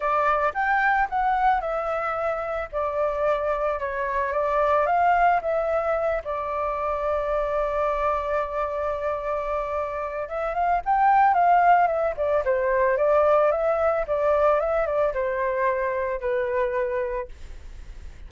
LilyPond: \new Staff \with { instrumentName = "flute" } { \time 4/4 \tempo 4 = 111 d''4 g''4 fis''4 e''4~ | e''4 d''2 cis''4 | d''4 f''4 e''4. d''8~ | d''1~ |
d''2. e''8 f''8 | g''4 f''4 e''8 d''8 c''4 | d''4 e''4 d''4 e''8 d''8 | c''2 b'2 | }